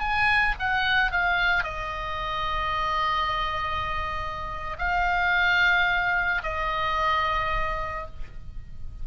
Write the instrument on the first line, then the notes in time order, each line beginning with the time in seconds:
oboe
0.00 G#5
0.59 F#5
1.12 F5
1.64 D#5
4.79 F5
6.43 D#5